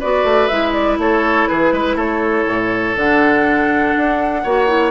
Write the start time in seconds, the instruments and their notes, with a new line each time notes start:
0.00 bassoon B3, clarinet F#4, oboe B4, flute D5
0.24 bassoon A3
0.48 bassoon G#3, clarinet E4, flute E5
0.73 flute D5
0.98 bassoon A3, oboe A4, flute C#5
1.48 bassoon E3, oboe G#4, flute B4
1.72 bassoon G#3, oboe B4
1.96 bassoon A3, oboe A4, flute C#5
2.47 bassoon A2
2.96 bassoon D3, clarinet D4, flute F#5
3.97 bassoon D4
4.44 bassoon A#3, clarinet F#4, oboe C#5
4.68 clarinet E4